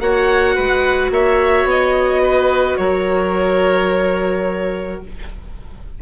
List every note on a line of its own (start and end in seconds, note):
0.00 0.56 A#3
0.00 5.01 F#4
0.00 0.55 C#5
0.00 1.12 F#5
0.55 1.11 G#3
0.55 1.11 B4
1.11 1.64 A#3
1.11 2.22 C#5
1.11 1.69 E5
1.64 2.75 B3
1.70 2.78 D#5
2.22 2.78 B4
2.78 5.01 F#3
2.78 5.02 A#4
2.78 5.00 C#5